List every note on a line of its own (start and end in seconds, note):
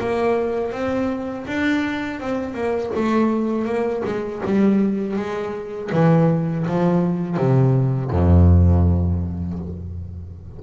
0.00 0.72 A#3
0.72 1.46 C4
1.47 2.21 D4
2.21 2.54 C4
2.54 2.91 A#3
2.96 3.66 A3
3.66 4.03 A#3
4.05 4.42 G#3
4.46 5.17 G3
5.17 5.91 G#3
5.93 6.67 E3
6.67 7.38 F3
7.38 8.11 C3
8.11 9.59 F2